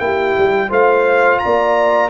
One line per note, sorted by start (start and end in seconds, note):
0.00 0.36 A#3
0.00 0.70 E4
0.00 0.70 G4
0.00 0.71 G5
0.38 0.71 G3
0.70 1.41 A3
0.70 2.11 F4
0.70 1.40 C5
0.70 1.39 F5
1.39 2.11 D5
1.39 2.10 A#5
1.46 2.11 A#3